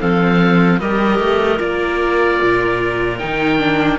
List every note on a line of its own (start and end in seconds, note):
0.00 0.81 F3
0.00 0.80 C4
0.00 0.80 A4
0.00 0.80 F5
0.80 1.19 G3
0.80 1.58 G4
0.80 3.99 A#4
0.80 1.60 D#5
1.19 1.59 A3
1.58 2.40 A#3
1.58 3.18 F4
1.58 3.19 D5
2.42 3.22 A#2
3.19 3.99 D#3
3.19 3.59 D#4
3.19 3.99 G5
3.59 3.99 D4